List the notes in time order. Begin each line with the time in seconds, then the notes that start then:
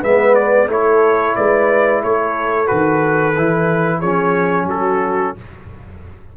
0.00 G#3 B3 B4 E5
0.35 D5
0.67 A3 E4 A4 C#5
1.36 G#3 B4 D5
2.03 A3 A4 C#5
2.67 D#3 F#4 B4
3.37 E3 E4
3.99 F3 C#4 G#4 C#5
4.65 F#3 F#4 A4